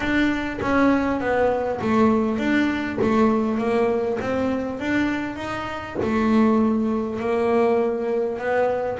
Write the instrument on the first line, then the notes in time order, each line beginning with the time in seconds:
double bass
0.00 D4
0.61 C#4
1.20 B3
1.81 A3
2.38 D4
3.01 A3
3.58 A#3
4.20 C4
4.79 D4
5.36 D#4
6.02 A3
7.19 A#3
8.38 B3